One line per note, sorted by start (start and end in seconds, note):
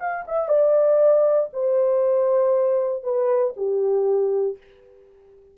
0.00 0.25 F5
0.28 0.49 E5
0.49 1.50 D5
1.53 3.03 C5
3.03 3.54 B4
3.57 4.57 G4